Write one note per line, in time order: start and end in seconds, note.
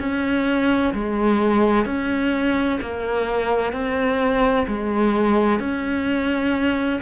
0.00 0.94 C#4
0.94 1.86 G#3
1.86 2.80 C#4
2.81 3.73 A#3
3.73 4.67 C4
4.68 5.60 G#3
5.60 7.01 C#4